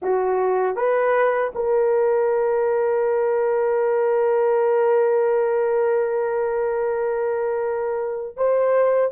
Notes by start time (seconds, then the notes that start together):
0.02 F#4
0.76 B4
1.54 A#4
8.36 C5